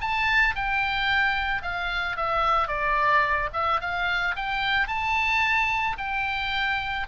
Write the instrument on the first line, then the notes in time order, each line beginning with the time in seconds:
oboe
0.00 A5
0.55 G5
1.62 F5
2.16 E5
2.67 D5
3.53 E5
3.80 F5
4.36 G5
4.87 A5
5.98 G5